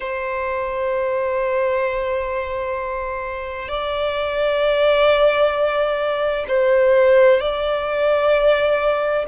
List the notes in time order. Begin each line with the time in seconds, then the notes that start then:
0.00 C5
3.68 D5
6.48 C5
7.40 D5